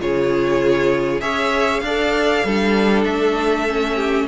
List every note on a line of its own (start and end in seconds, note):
0.00 1.22 C#3
0.00 1.21 F4
0.00 1.21 G#4
0.00 1.20 C#5
1.20 1.81 C#4
1.20 1.82 G#4
1.20 1.82 C#5
1.20 1.80 E5
1.80 2.43 D4
1.80 2.45 D5
1.80 3.02 F5
1.86 2.46 A4
2.44 3.05 G3
2.44 3.68 D4
2.44 3.95 A4
3.04 4.27 A3
3.04 4.27 E5
3.68 4.28 C#4
3.95 4.26 G4